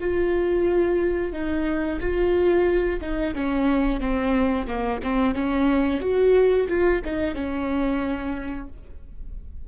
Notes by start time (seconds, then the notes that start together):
0.00 F4
1.32 D#4
2.00 F4
3.01 D#4
3.35 C#4
4.00 C4
4.67 A#3
5.03 C4
5.35 C#4
6.01 F#4
6.68 F4
7.05 D#4
7.35 C#4